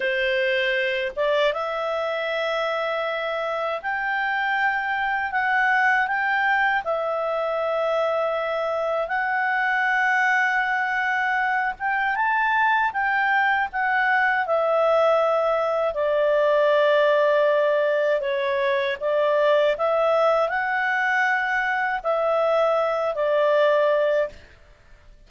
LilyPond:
\new Staff \with { instrumentName = "clarinet" } { \time 4/4 \tempo 4 = 79 c''4. d''8 e''2~ | e''4 g''2 fis''4 | g''4 e''2. | fis''2.~ fis''8 g''8 |
a''4 g''4 fis''4 e''4~ | e''4 d''2. | cis''4 d''4 e''4 fis''4~ | fis''4 e''4. d''4. | }